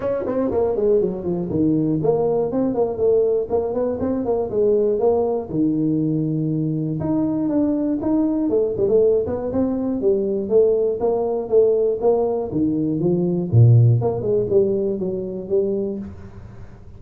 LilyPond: \new Staff \with { instrumentName = "tuba" } { \time 4/4 \tempo 4 = 120 cis'8 c'8 ais8 gis8 fis8 f8 dis4 | ais4 c'8 ais8 a4 ais8 b8 | c'8 ais8 gis4 ais4 dis4~ | dis2 dis'4 d'4 |
dis'4 a8 g16 a8. b8 c'4 | g4 a4 ais4 a4 | ais4 dis4 f4 ais,4 | ais8 gis8 g4 fis4 g4 | }